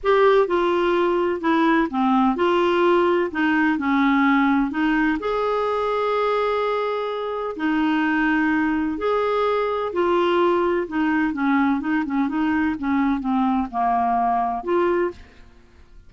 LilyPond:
\new Staff \with { instrumentName = "clarinet" } { \time 4/4 \tempo 4 = 127 g'4 f'2 e'4 | c'4 f'2 dis'4 | cis'2 dis'4 gis'4~ | gis'1 |
dis'2. gis'4~ | gis'4 f'2 dis'4 | cis'4 dis'8 cis'8 dis'4 cis'4 | c'4 ais2 f'4 | }